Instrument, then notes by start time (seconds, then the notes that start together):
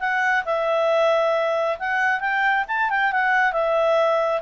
clarinet
0.00 F#5
0.45 E5
1.79 F#5
2.20 G5
2.68 A5
2.90 G5
3.12 F#5
3.53 E5